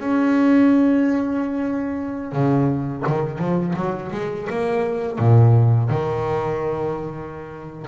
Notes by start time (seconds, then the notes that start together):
0.00 C#4
2.32 C#3
3.07 D#3
3.39 F3
3.76 F#3
4.12 G#3
4.50 A#3
5.19 A#2
5.90 D#3